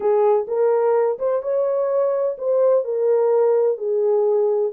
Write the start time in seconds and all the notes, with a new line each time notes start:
0.00 G#4
0.47 A#4
1.18 C5
1.42 C#5
2.38 C5
2.84 A#4
3.77 G#4